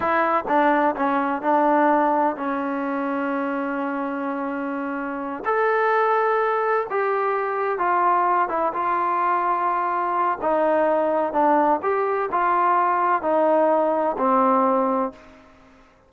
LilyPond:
\new Staff \with { instrumentName = "trombone" } { \time 4/4 \tempo 4 = 127 e'4 d'4 cis'4 d'4~ | d'4 cis'2.~ | cis'2.~ cis'8 a'8~ | a'2~ a'8 g'4.~ |
g'8 f'4. e'8 f'4.~ | f'2 dis'2 | d'4 g'4 f'2 | dis'2 c'2 | }